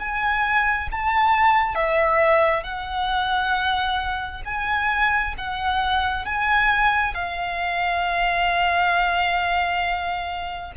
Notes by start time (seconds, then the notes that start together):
0.00 G#5
0.92 A5
1.75 E5
2.63 F#5
4.45 G#5
5.38 F#5
6.26 G#5
7.15 F5